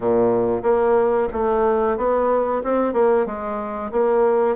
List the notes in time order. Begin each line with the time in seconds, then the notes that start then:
0.00 A#2
0.62 A#3
1.33 A3
1.97 B3
2.63 C4
2.93 A#3
3.25 G#3
3.91 A#3